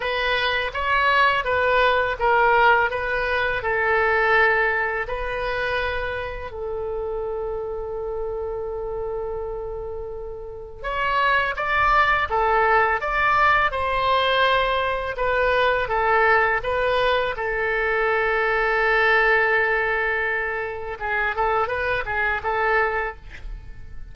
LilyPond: \new Staff \with { instrumentName = "oboe" } { \time 4/4 \tempo 4 = 83 b'4 cis''4 b'4 ais'4 | b'4 a'2 b'4~ | b'4 a'2.~ | a'2. cis''4 |
d''4 a'4 d''4 c''4~ | c''4 b'4 a'4 b'4 | a'1~ | a'4 gis'8 a'8 b'8 gis'8 a'4 | }